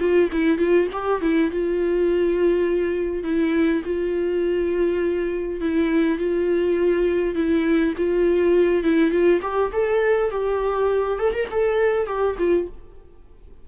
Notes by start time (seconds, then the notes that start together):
0.00 F4
0.32 E4
0.58 F4
0.93 G4
1.22 E4
1.51 F4
3.24 E4
3.85 F4
5.61 E4
6.18 F4
7.35 E4
7.98 F4
8.84 E4
9.11 F4
9.42 G4
9.73 A4
10.31 G4
11.19 A4
11.34 A#4
11.51 A4
12.07 G4
12.39 F4